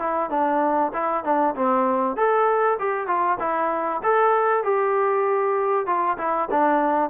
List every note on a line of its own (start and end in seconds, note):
0.00 0.31 E4
0.31 0.93 D4
0.94 1.24 E4
1.24 1.55 D4
1.56 2.17 C4
2.17 2.79 A4
2.80 3.08 G4
3.08 3.39 F4
3.40 4.02 E4
4.04 4.64 A4
4.64 5.87 G4
5.87 6.18 F4
6.18 6.49 E4
6.51 7.11 D4